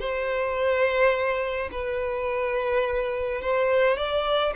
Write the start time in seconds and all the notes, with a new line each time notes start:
0.00 C5
1.72 B4
3.41 C5
3.97 D5